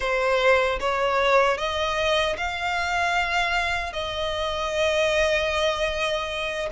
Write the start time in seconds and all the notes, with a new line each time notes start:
0.00 C5
0.79 C#5
1.57 D#5
2.37 F5
3.92 D#5